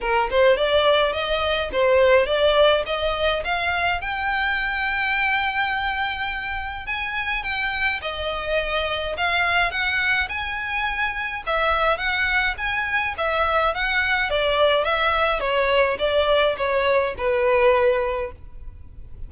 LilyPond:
\new Staff \with { instrumentName = "violin" } { \time 4/4 \tempo 4 = 105 ais'8 c''8 d''4 dis''4 c''4 | d''4 dis''4 f''4 g''4~ | g''1 | gis''4 g''4 dis''2 |
f''4 fis''4 gis''2 | e''4 fis''4 gis''4 e''4 | fis''4 d''4 e''4 cis''4 | d''4 cis''4 b'2 | }